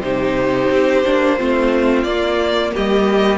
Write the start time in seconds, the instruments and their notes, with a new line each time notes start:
0.00 cello C3, viola D#4, violin G4 C5
0.70 cello C4
1.05 cello A#3, viola D4
1.36 cello A3, viola C4, violin F4
2.03 cello A#3, viola A#3, violin D5
2.73 cello G3, violin G4 D#5